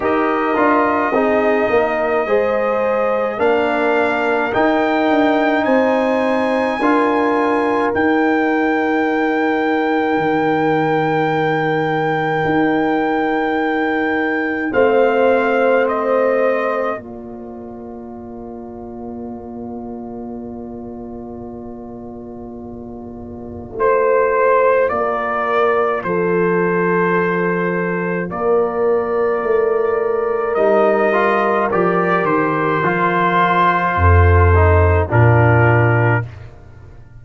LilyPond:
<<
  \new Staff \with { instrumentName = "trumpet" } { \time 4/4 \tempo 4 = 53 dis''2. f''4 | g''4 gis''2 g''4~ | g''1~ | g''4 f''4 dis''4 d''4~ |
d''1~ | d''4 c''4 d''4 c''4~ | c''4 d''2 dis''4 | d''8 c''2~ c''8 ais'4 | }
  \new Staff \with { instrumentName = "horn" } { \time 4/4 ais'4 gis'8 ais'8 c''4 ais'4~ | ais'4 c''4 ais'2~ | ais'1~ | ais'4 c''2 ais'4~ |
ais'1~ | ais'4 c''4 ais'4 a'4~ | a'4 ais'2.~ | ais'2 a'4 f'4 | }
  \new Staff \with { instrumentName = "trombone" } { \time 4/4 g'8 f'8 dis'4 gis'4 d'4 | dis'2 f'4 dis'4~ | dis'1~ | dis'4 c'2 f'4~ |
f'1~ | f'1~ | f'2. dis'8 f'8 | g'4 f'4. dis'8 d'4 | }
  \new Staff \with { instrumentName = "tuba" } { \time 4/4 dis'8 d'8 c'8 ais8 gis4 ais4 | dis'8 d'8 c'4 d'4 dis'4~ | dis'4 dis2 dis'4~ | dis'4 a2 ais4~ |
ais1~ | ais4 a4 ais4 f4~ | f4 ais4 a4 g4 | f8 dis8 f4 f,4 ais,4 | }
>>